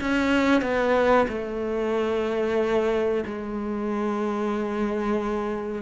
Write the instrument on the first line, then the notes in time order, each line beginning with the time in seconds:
cello
0.00 C#4
0.61 B3
1.28 A3
3.25 G#3